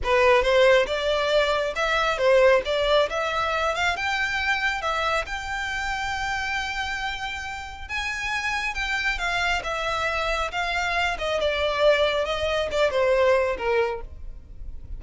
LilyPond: \new Staff \with { instrumentName = "violin" } { \time 4/4 \tempo 4 = 137 b'4 c''4 d''2 | e''4 c''4 d''4 e''4~ | e''8 f''8 g''2 e''4 | g''1~ |
g''2 gis''2 | g''4 f''4 e''2 | f''4. dis''8 d''2 | dis''4 d''8 c''4. ais'4 | }